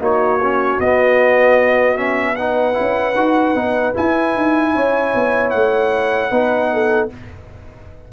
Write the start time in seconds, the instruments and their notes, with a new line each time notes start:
0.00 tuba A#3, trombone D#4, horn F#4, trumpet C#5
0.42 trombone C#4
0.79 tuba B3, trombone B3, trumpet D#5
1.96 trombone C#4, trumpet E5
2.36 trombone D#4, horn B4, trumpet F#5
2.73 trombone E4
2.79 tuba C#4
3.15 tuba D#4, trombone F#4
3.55 tuba B3, trombone D#4
3.94 trombone E4, tuba E4, trumpet G#5
4.36 tuba D#4
4.74 tuba C#4, horn C#5
5.14 tuba B3
5.50 tuba A3, trumpet F#5
6.31 tuba B3, trombone D#4, horn B4
6.73 horn A4